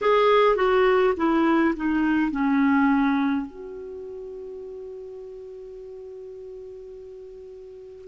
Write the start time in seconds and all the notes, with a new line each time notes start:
0.01 G#4
0.56 F#4
1.16 E4
1.76 D#4
2.31 C#4
3.46 F#4